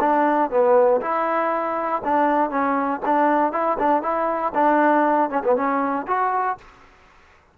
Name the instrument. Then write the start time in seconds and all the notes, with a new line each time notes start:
trombone
0.00 D4
0.50 B3
1.01 E4
2.04 D4
2.50 C#4
3.05 D4
3.53 E4
3.79 D4
4.02 E4
4.54 D4
5.30 C#4
5.44 B3
5.56 C#4
6.07 F#4